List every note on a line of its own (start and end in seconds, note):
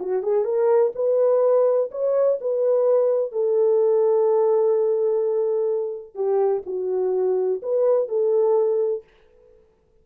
0.00 0.23 F#4
0.23 0.45 G#4
0.45 0.92 A#4
0.95 1.91 B4
1.92 2.39 C#5
2.41 3.32 B4
3.32 6.15 A4
6.15 6.63 G4
6.66 7.62 F#4
7.63 8.09 B4
8.09 9.04 A4